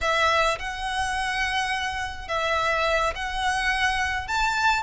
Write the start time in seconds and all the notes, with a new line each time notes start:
0.01 E5
0.58 F#5
2.28 E5
3.15 F#5
4.27 A5